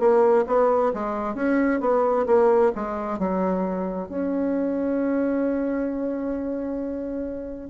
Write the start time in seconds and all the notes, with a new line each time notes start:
0.00 A#3
0.48 B3
0.94 G#3
1.35 C#4
1.81 B3
2.27 A#3
2.76 G#3
3.19 F#3
4.10 C#4